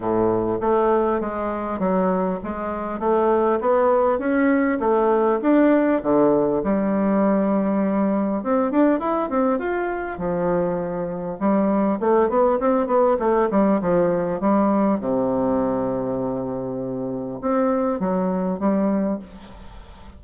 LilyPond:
\new Staff \with { instrumentName = "bassoon" } { \time 4/4 \tempo 4 = 100 a,4 a4 gis4 fis4 | gis4 a4 b4 cis'4 | a4 d'4 d4 g4~ | g2 c'8 d'8 e'8 c'8 |
f'4 f2 g4 | a8 b8 c'8 b8 a8 g8 f4 | g4 c2.~ | c4 c'4 fis4 g4 | }